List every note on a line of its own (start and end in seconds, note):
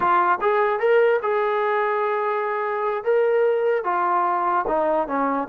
0.00 0.39 F4
0.41 0.79 G#4
0.79 1.20 A#4
1.22 3.04 G#4
3.04 3.84 A#4
3.84 4.65 F4
4.67 5.07 D#4
5.07 5.48 C#4